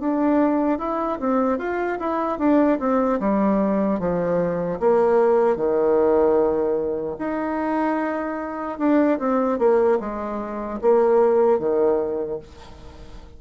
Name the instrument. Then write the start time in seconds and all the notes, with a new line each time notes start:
bassoon
0.00 D4
0.79 E4
1.20 C4
1.59 F4
2.00 E4
2.39 D4
2.80 C4
3.20 G3
4.00 F3
4.80 A#3
5.57 D#3
7.19 D#4
8.79 D4
9.19 C4
9.59 A#3
10.00 G#3
10.81 A#3
11.59 D#3